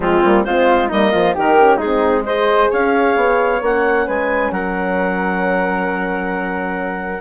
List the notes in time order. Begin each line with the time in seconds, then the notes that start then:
0.00 F3 G#3 C4 F4
0.23 G3 A#3
0.44 G#3 C4 F4 C5
0.88 G3 A#3 D#4 D#5
1.11 F3 F4
1.34 D#3 D#4 G4 A#4
1.58 C#4
1.76 G#3 D#4 G#4
1.84 C4
2.25 G#4 C5 D#5
2.70 C#4 C#5 F5
3.16 B3
3.61 A#3 C#4 F#5
4.06 G#3 B4 G#5
4.50 F#3 A#4 F#5